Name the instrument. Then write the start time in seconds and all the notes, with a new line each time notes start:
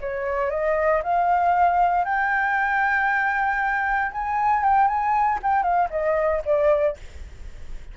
flute
0.00 C#5
0.50 D#5
1.03 F5
2.04 G5
4.11 G#5
4.63 G5
4.87 G#5
5.42 G5
5.62 F5
5.90 D#5
6.45 D5